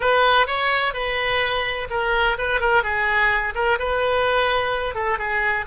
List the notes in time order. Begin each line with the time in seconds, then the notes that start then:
0.00 B4
0.46 C#5
0.93 B4
1.89 A#4
2.38 B4
2.60 A#4
2.83 G#4
3.54 A#4
3.78 B4
4.95 A4
5.18 G#4